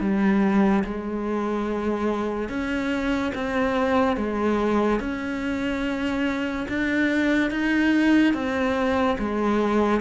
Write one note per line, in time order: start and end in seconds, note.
0.00 0.83 G3
0.84 2.49 G#3
2.49 3.32 C#4
3.34 4.16 C4
4.16 5.00 G#3
5.00 6.66 C#4
6.68 7.50 D4
7.50 8.33 D#4
8.33 9.17 C4
9.19 10.00 G#3